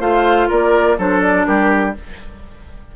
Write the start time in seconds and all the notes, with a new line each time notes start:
0.00 A3 F4 C5 F5
0.49 A#3 A#4 D5
0.98 F#3 D4 A4 C5
1.22 D5
1.46 G3 G4 A#4